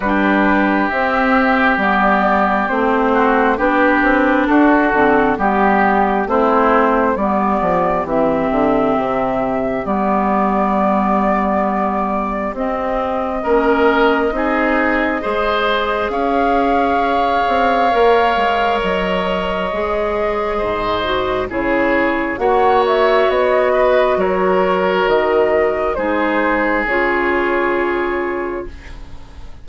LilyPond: <<
  \new Staff \with { instrumentName = "flute" } { \time 4/4 \tempo 4 = 67 b'4 e''4 d''4 c''4 | b'4 a'4 g'4 c''4 | d''4 e''2 d''4~ | d''2 dis''2~ |
dis''2 f''2~ | f''4 dis''2. | cis''4 fis''8 e''8 dis''4 cis''4 | dis''4 c''4 cis''2 | }
  \new Staff \with { instrumentName = "oboe" } { \time 4/4 g'2.~ g'8 fis'8 | g'4 fis'4 g'4 e'4 | g'1~ | g'2. ais'4 |
gis'4 c''4 cis''2~ | cis''2. c''4 | gis'4 cis''4. b'8 ais'4~ | ais'4 gis'2. | }
  \new Staff \with { instrumentName = "clarinet" } { \time 4/4 d'4 c'4 b4 c'4 | d'4. c'8 b4 c'4 | b4 c'2 b4~ | b2 c'4 cis'4 |
dis'4 gis'2. | ais'2 gis'4. fis'8 | e'4 fis'2.~ | fis'4 dis'4 f'2 | }
  \new Staff \with { instrumentName = "bassoon" } { \time 4/4 g4 c'4 g4 a4 | b8 c'8 d'8 d8 g4 a4 | g8 f8 e8 d8 c4 g4~ | g2 c'4 ais4 |
c'4 gis4 cis'4. c'8 | ais8 gis8 fis4 gis4 gis,4 | cis4 ais4 b4 fis4 | dis4 gis4 cis2 | }
>>